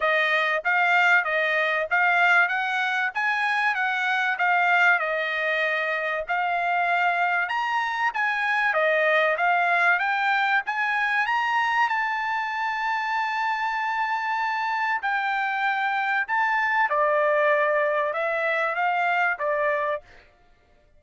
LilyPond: \new Staff \with { instrumentName = "trumpet" } { \time 4/4 \tempo 4 = 96 dis''4 f''4 dis''4 f''4 | fis''4 gis''4 fis''4 f''4 | dis''2 f''2 | ais''4 gis''4 dis''4 f''4 |
g''4 gis''4 ais''4 a''4~ | a''1 | g''2 a''4 d''4~ | d''4 e''4 f''4 d''4 | }